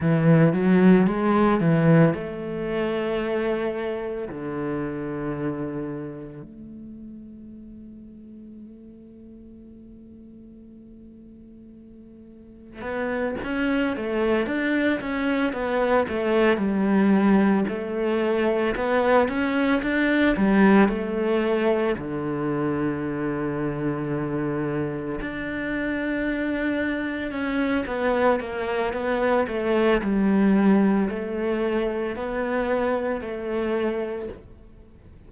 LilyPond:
\new Staff \with { instrumentName = "cello" } { \time 4/4 \tempo 4 = 56 e8 fis8 gis8 e8 a2 | d2 a2~ | a1 | b8 cis'8 a8 d'8 cis'8 b8 a8 g8~ |
g8 a4 b8 cis'8 d'8 g8 a8~ | a8 d2. d'8~ | d'4. cis'8 b8 ais8 b8 a8 | g4 a4 b4 a4 | }